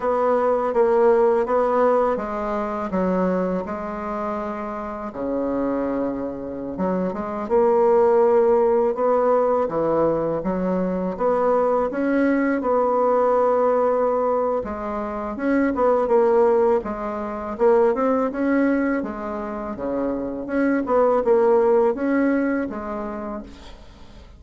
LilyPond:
\new Staff \with { instrumentName = "bassoon" } { \time 4/4 \tempo 4 = 82 b4 ais4 b4 gis4 | fis4 gis2 cis4~ | cis4~ cis16 fis8 gis8 ais4.~ ais16~ | ais16 b4 e4 fis4 b8.~ |
b16 cis'4 b2~ b8. | gis4 cis'8 b8 ais4 gis4 | ais8 c'8 cis'4 gis4 cis4 | cis'8 b8 ais4 cis'4 gis4 | }